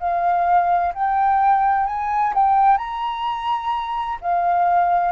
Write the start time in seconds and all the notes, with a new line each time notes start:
0.00 F5
0.94 G5
1.87 G#5
2.35 G5
2.78 A#5
4.21 F5